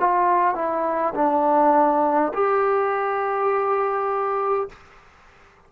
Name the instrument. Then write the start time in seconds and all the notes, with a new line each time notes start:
trombone
0.00 F4
0.55 E4
1.15 D4
2.34 G4